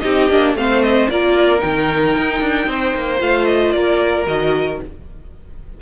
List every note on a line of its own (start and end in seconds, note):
0.00 0.31 C4
0.00 0.30 D#4
0.00 0.57 G4
0.00 0.53 D#5
0.30 0.54 A#3
0.30 0.57 D4
0.54 1.07 A3
0.54 1.10 C4
0.54 1.11 C5
0.54 0.83 F5
0.83 1.09 D#5
1.10 1.63 A#3
1.10 1.59 F4
1.10 2.69 A#4
1.10 1.61 D5
1.59 2.17 D#3
1.59 3.18 D#4
1.59 3.20 G5
2.18 2.41 D#4
2.41 2.68 D4
2.68 2.94 C4
2.68 3.75 C5
2.96 3.22 A#3
3.20 3.74 A3
3.20 4.26 F4
3.20 3.46 F5
3.46 3.72 D#5
3.72 4.27 A#3
3.72 4.82 A#4
3.72 4.25 D5
4.27 4.80 D#3
4.27 4.81 F#4
4.27 4.81 D#5